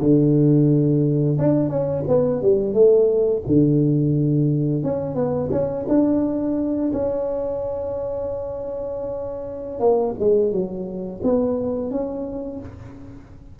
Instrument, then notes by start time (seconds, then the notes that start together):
tuba
0.00 D3
1.39 D4
1.69 C#4
2.08 B3
2.42 G3
2.74 A3
3.47 D3
4.83 C#4
5.15 B3
5.51 C#4
5.89 D4
6.93 C#4
9.80 A#3
10.19 G#3
10.52 F#3
11.23 B3
11.91 C#4